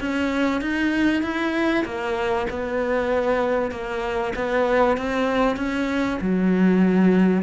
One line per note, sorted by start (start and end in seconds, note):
0.00 0.61 C#4
0.61 1.22 D#4
1.22 1.84 E4
1.85 2.47 A#3
2.50 3.71 B3
3.71 4.33 A#3
4.36 4.97 B3
4.97 5.56 C4
5.56 6.18 C#4
6.21 7.43 F#3